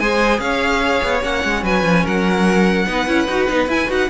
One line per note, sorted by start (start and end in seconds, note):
0.00 0.40 G#3
0.00 1.23 G#4
0.00 0.41 C5
0.00 0.40 G#5
0.40 1.01 C#4
0.40 1.63 C#5
0.40 1.22 F5
1.03 1.23 B3
1.23 1.44 A#3
1.23 2.87 C#4
1.23 1.65 F#5
1.44 1.64 G#3
1.63 1.84 F#3
1.63 2.04 B4
1.63 2.07 G#5
1.84 2.04 F3
2.05 2.87 F#3
2.05 2.86 A#4
2.05 3.70 F#5
2.87 3.07 B3
2.87 3.07 D#4
2.87 4.10 B4
3.08 3.27 C#4
3.08 3.28 E4
3.27 3.48 D#4
3.27 3.49 F#4
3.49 3.68 B3
3.49 3.69 D#4
3.68 3.89 E4
3.68 3.88 E4
3.68 3.91 G#5
3.88 4.10 D#4
3.88 4.08 F#4
3.88 4.11 F#5